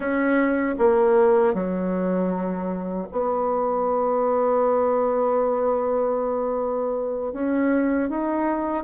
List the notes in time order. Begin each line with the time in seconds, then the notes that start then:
0.00 C#4
0.78 A#3
1.53 F#3
3.11 B3
7.32 C#4
8.09 D#4